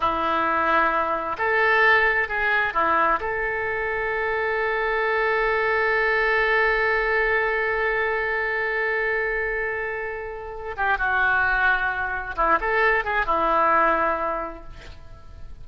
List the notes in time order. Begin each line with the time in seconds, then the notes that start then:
0.00 E4
1.38 A4
2.28 G#4
2.73 E4
3.20 A4
10.76 G4
10.98 F#4
12.35 E4
12.60 A4
13.04 G#4
13.26 E4